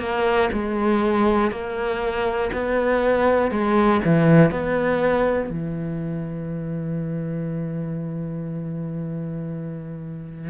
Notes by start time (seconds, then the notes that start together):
0.00 A#3
0.53 G#3
1.51 A#3
2.53 B3
3.51 G#3
4.05 E3
4.52 B3
5.50 E3